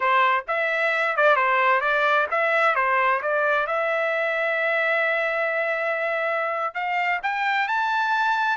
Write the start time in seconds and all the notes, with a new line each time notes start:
0.00 C5
0.47 E5
1.16 D5
1.36 C5
1.80 D5
2.30 E5
2.75 C5
3.22 D5
3.66 E5
6.74 F5
7.22 G5
7.68 A5